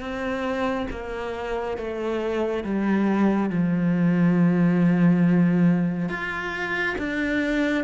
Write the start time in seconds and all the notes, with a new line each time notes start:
0.00 C4
0.91 A#3
1.77 A3
2.64 G3
3.50 F3
6.09 F4
6.98 D4